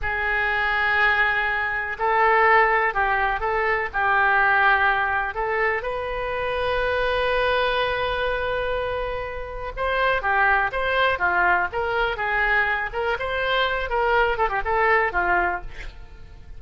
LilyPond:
\new Staff \with { instrumentName = "oboe" } { \time 4/4 \tempo 4 = 123 gis'1 | a'2 g'4 a'4 | g'2. a'4 | b'1~ |
b'1 | c''4 g'4 c''4 f'4 | ais'4 gis'4. ais'8 c''4~ | c''8 ais'4 a'16 g'16 a'4 f'4 | }